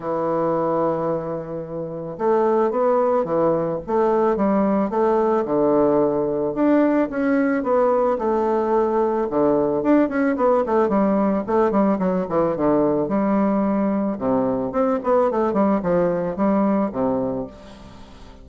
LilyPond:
\new Staff \with { instrumentName = "bassoon" } { \time 4/4 \tempo 4 = 110 e1 | a4 b4 e4 a4 | g4 a4 d2 | d'4 cis'4 b4 a4~ |
a4 d4 d'8 cis'8 b8 a8 | g4 a8 g8 fis8 e8 d4 | g2 c4 c'8 b8 | a8 g8 f4 g4 c4 | }